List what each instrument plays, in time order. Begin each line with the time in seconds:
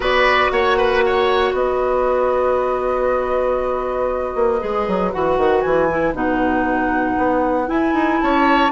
0.00 bassoon B3, clarinet F#4, oboe B4, flute D5
0.50 bassoon A#3, oboe C#5, flute F#5
0.77 oboe B4
1.06 oboe C#5
1.52 bassoon B3, oboe B4, flute D#5
4.35 bassoon A#3
4.60 bassoon G#3, clarinet G#4
4.87 bassoon F#3
5.12 bassoon E3, clarinet F#4, flute F#5
5.37 bassoon D#3
5.61 bassoon E3, flute G#5
5.89 clarinet E4
6.13 bassoon B2, clarinet D#4, flute F#5
7.17 bassoon B3
7.67 clarinet E4, bassoon E4, flute G#5
7.93 bassoon D#4
8.20 bassoon C#4, oboe C#5, flute A5